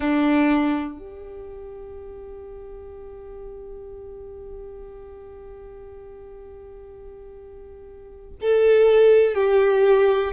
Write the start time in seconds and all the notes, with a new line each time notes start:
0.00 D4
0.98 G4
8.41 A4
9.34 G4